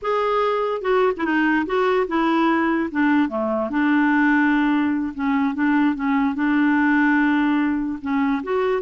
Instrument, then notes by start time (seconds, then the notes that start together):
clarinet
0.02 G#4
0.81 F#4
1.17 E4
1.24 D#4
1.66 F#4
2.07 E4
2.91 D4
3.28 A3
3.69 D4
5.14 C#4
5.54 D4
5.95 C#4
6.35 D4
8.01 C#4
8.43 F#4